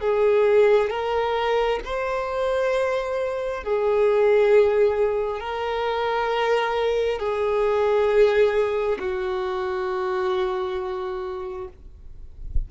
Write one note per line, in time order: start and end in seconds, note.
0.00 0.90 G#4
0.90 1.80 A#4
1.85 3.64 C5
3.64 5.40 G#4
5.40 7.19 A#4
7.19 8.98 G#4
8.99 11.68 F#4